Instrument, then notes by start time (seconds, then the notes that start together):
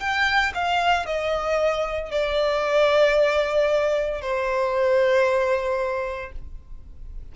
violin
0.00 G5
0.55 F5
1.06 D#5
2.11 D5
4.22 C5